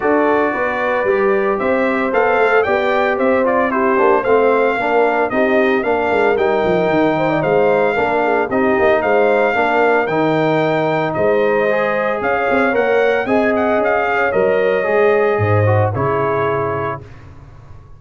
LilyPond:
<<
  \new Staff \with { instrumentName = "trumpet" } { \time 4/4 \tempo 4 = 113 d''2. e''4 | f''4 g''4 e''8 d''8 c''4 | f''2 dis''4 f''4 | g''2 f''2 |
dis''4 f''2 g''4~ | g''4 dis''2 f''4 | fis''4 gis''8 fis''8 f''4 dis''4~ | dis''2 cis''2 | }
  \new Staff \with { instrumentName = "horn" } { \time 4/4 a'4 b'2 c''4~ | c''4 d''4 c''4 g'4 | c''4 ais'4 g'4 ais'4~ | ais'4. c''16 d''16 c''4 ais'8 gis'8 |
g'4 c''4 ais'2~ | ais'4 c''2 cis''4~ | cis''4 dis''4. cis''4.~ | cis''4 c''4 gis'2 | }
  \new Staff \with { instrumentName = "trombone" } { \time 4/4 fis'2 g'2 | a'4 g'4. f'8 e'8 d'8 | c'4 d'4 dis'4 d'4 | dis'2. d'4 |
dis'2 d'4 dis'4~ | dis'2 gis'2 | ais'4 gis'2 ais'4 | gis'4. fis'8 e'2 | }
  \new Staff \with { instrumentName = "tuba" } { \time 4/4 d'4 b4 g4 c'4 | b8 a8 b4 c'4. ais8 | a4 ais4 c'4 ais8 gis8 | g8 f8 dis4 gis4 ais4 |
c'8 ais8 gis4 ais4 dis4~ | dis4 gis2 cis'8 c'8 | ais4 c'4 cis'4 fis4 | gis4 gis,4 cis2 | }
>>